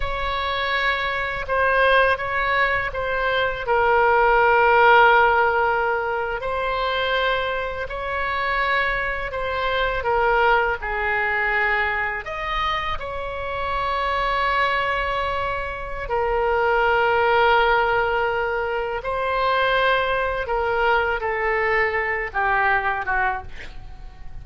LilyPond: \new Staff \with { instrumentName = "oboe" } { \time 4/4 \tempo 4 = 82 cis''2 c''4 cis''4 | c''4 ais'2.~ | ais'8. c''2 cis''4~ cis''16~ | cis''8. c''4 ais'4 gis'4~ gis'16~ |
gis'8. dis''4 cis''2~ cis''16~ | cis''2 ais'2~ | ais'2 c''2 | ais'4 a'4. g'4 fis'8 | }